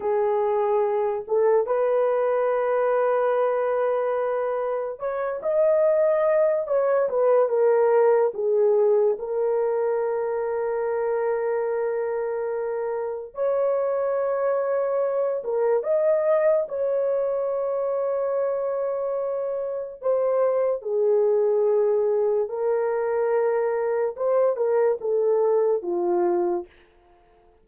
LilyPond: \new Staff \with { instrumentName = "horn" } { \time 4/4 \tempo 4 = 72 gis'4. a'8 b'2~ | b'2 cis''8 dis''4. | cis''8 b'8 ais'4 gis'4 ais'4~ | ais'1 |
cis''2~ cis''8 ais'8 dis''4 | cis''1 | c''4 gis'2 ais'4~ | ais'4 c''8 ais'8 a'4 f'4 | }